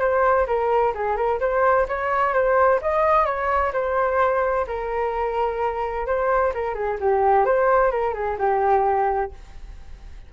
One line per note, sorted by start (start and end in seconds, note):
0.00 0.47 C5
0.47 0.93 A#4
0.95 1.16 G#4
1.16 1.40 A#4
1.40 1.87 C5
1.88 2.34 C#5
2.34 2.80 C5
2.82 3.26 D#5
3.26 3.72 C#5
3.73 4.66 C5
4.67 6.06 A#4
6.06 6.53 C5
6.54 6.75 A#4
6.75 6.98 G#4
7.00 7.45 G4
7.45 7.91 C5
7.91 8.14 A#4
8.14 8.37 G#4
8.38 9.31 G4